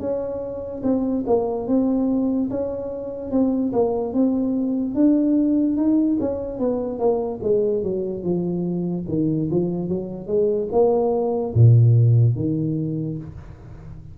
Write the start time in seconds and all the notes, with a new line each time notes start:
0.00 C#4
0.83 C4
1.27 A#3
1.68 C4
2.50 C#4
3.31 C4
3.72 A#3
4.14 C4
4.95 D4
5.77 D#4
6.21 C#4
6.59 B3
6.99 A#3
7.43 G#3
7.83 F#3
8.23 F3
9.08 D#3
9.51 F3
9.89 F#3
10.27 G#3
10.72 A#3
11.54 A#2
12.35 D#3